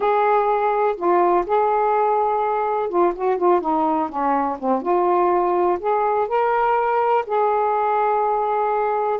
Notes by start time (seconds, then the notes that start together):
0.00 G#4
0.96 F4
1.46 G#4
2.89 F4
3.15 F#4
3.37 F4
3.60 D#4
4.09 C#4
4.59 C4
4.81 F4
5.79 G#4
6.27 A#4
7.26 G#4